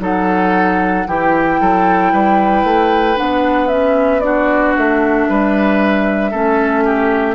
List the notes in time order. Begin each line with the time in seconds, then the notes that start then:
0.00 F#3 D#4 A4 F#5
1.06 E3 E4 G4 G5
1.60 F#3 A4
2.12 G3 B4
2.64 A3
3.16 B3 D4 F#5
3.68 C#4 E5
4.20 D4 F#4 D5
4.76 A3 E5
5.29 G3 B4
6.31 A3 C#4 A4
6.85 G4